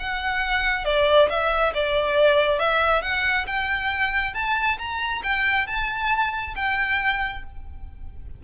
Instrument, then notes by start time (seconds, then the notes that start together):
violin
0.00 F#5
0.85 D5
1.30 E5
1.75 D5
2.60 E5
3.03 F#5
3.47 G5
4.35 A5
4.79 A#5
5.24 G5
5.67 A5
6.56 G5